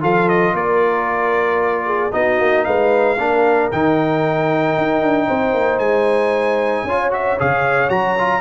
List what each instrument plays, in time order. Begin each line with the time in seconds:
0.00 tuba F3, trombone F4, horn A4, trumpet F5
0.29 trumpet D#5
0.54 tuba A#3, horn A#4, trumpet D5
1.86 horn G#4
2.12 tuba B3, trombone D#4, horn F#4, trumpet D#5
2.39 tuba A#3
2.64 tuba G#3, horn B4, trumpet F5
3.17 tuba A#3, trombone D4, horn A#4
3.71 tuba D#3, trombone D#4, trumpet G5
4.77 tuba D#4
5.02 tuba D4
5.27 tuba C4, horn C5
5.53 tuba A#3
5.78 tuba G#3, trumpet G#5
6.84 tuba C#4, trombone F4, horn C#5
7.11 trombone F#4, trumpet E5
7.39 tuba C#3, trombone G#4, trumpet F5
7.88 tuba F#3, trombone F#4, trumpet A#5
8.18 trombone F4